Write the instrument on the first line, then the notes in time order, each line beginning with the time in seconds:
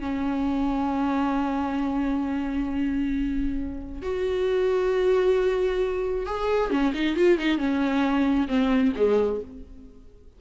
viola
0.00 C#4
4.02 F#4
6.26 G#4
6.71 C#4
6.94 D#4
7.16 F4
7.39 D#4
7.58 C#4
8.48 C4
8.96 G#3